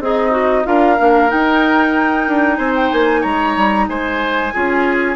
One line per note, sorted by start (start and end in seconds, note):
0.00 0.65 C4
0.00 0.67 D#4
0.00 0.31 G#4
0.00 0.66 D#5
0.31 0.63 F#4
0.64 0.99 D4
0.64 0.97 F4
0.64 2.58 A#4
0.64 1.30 F5
0.98 1.32 A#3
0.98 1.28 D4
1.28 4.51 D#4
1.28 2.28 D#4
1.28 2.56 G5
2.28 2.58 D4
2.56 2.91 C4
2.56 3.21 C5
2.56 2.72 G#5
2.76 2.92 G5
2.92 3.25 A#3
2.92 3.23 G#5
3.21 3.57 G#3
3.21 3.85 C#5
3.21 3.87 A#5
3.57 3.88 G3
3.88 4.53 G#3
3.88 4.54 C5
3.88 5.16 G#5
4.54 5.16 C#4
4.54 5.16 F4
4.54 5.16 G#4